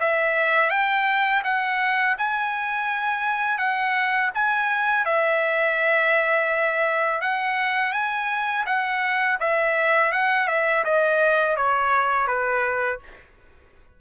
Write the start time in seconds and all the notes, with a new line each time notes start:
0.00 E5
0.70 G5
1.44 F#5
2.18 G#5
3.58 F#5
4.34 G#5
5.05 E5
7.21 F#5
7.92 G#5
8.66 F#5
9.40 E5
10.12 F#5
10.48 E5
10.84 D#5
11.56 C#5
12.27 B4